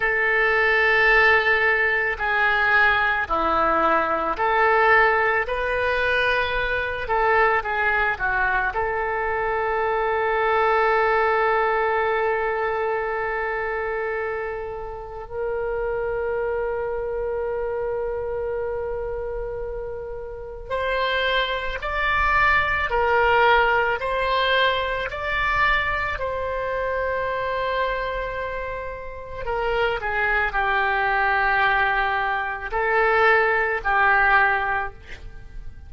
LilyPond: \new Staff \with { instrumentName = "oboe" } { \time 4/4 \tempo 4 = 55 a'2 gis'4 e'4 | a'4 b'4. a'8 gis'8 fis'8 | a'1~ | a'2 ais'2~ |
ais'2. c''4 | d''4 ais'4 c''4 d''4 | c''2. ais'8 gis'8 | g'2 a'4 g'4 | }